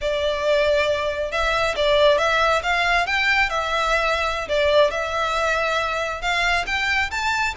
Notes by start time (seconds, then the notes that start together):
0.01 D5
1.31 E5
1.76 D5
2.18 E5
2.63 F5
3.06 G5
3.49 E5
4.48 D5
4.90 E5
6.21 F5
6.66 G5
7.10 A5